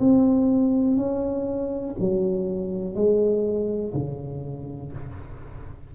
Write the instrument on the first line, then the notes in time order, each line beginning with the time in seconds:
tuba
0.00 C4
0.97 C#4
2.00 F#3
2.95 G#3
3.94 C#3